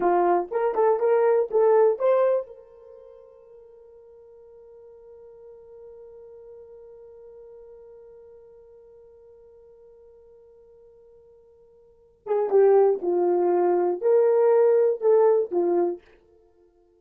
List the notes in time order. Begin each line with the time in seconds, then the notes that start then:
0.00 F4
0.51 A#4
0.75 A4
0.99 A#4
1.50 A4
1.98 C5
2.46 A#4
12.25 G#4
12.50 G4
13.02 F4
14.01 A#4
15.00 A4
15.51 F4